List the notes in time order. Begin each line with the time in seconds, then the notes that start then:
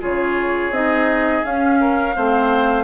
0.00 C#3 F4 G#4 C#5
0.70 C4 D#4 D#5
1.44 C#4 F5
1.80 A#4
2.15 A3 C4 C5